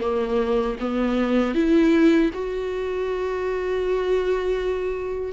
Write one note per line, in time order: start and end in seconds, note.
0.00 0.76 A#3
0.79 1.55 B3
1.55 2.31 E4
2.33 5.32 F#4